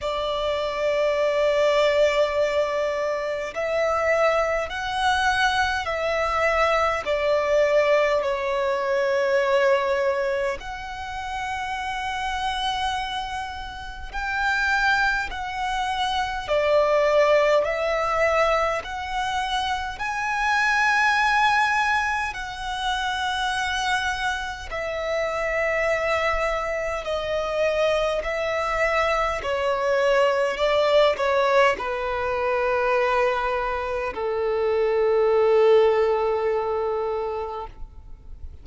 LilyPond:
\new Staff \with { instrumentName = "violin" } { \time 4/4 \tempo 4 = 51 d''2. e''4 | fis''4 e''4 d''4 cis''4~ | cis''4 fis''2. | g''4 fis''4 d''4 e''4 |
fis''4 gis''2 fis''4~ | fis''4 e''2 dis''4 | e''4 cis''4 d''8 cis''8 b'4~ | b'4 a'2. | }